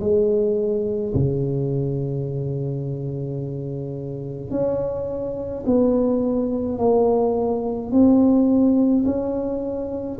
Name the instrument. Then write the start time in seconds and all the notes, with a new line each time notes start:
tuba
0.00 G#3
1.14 C#3
4.50 C#4
5.66 B3
6.78 A#3
7.91 C4
9.05 C#4